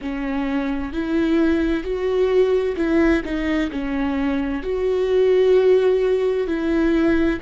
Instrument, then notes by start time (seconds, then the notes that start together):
viola
0.01 C#4
0.92 E4
1.83 F#4
2.76 E4
3.24 D#4
3.71 C#4
4.62 F#4
6.47 E4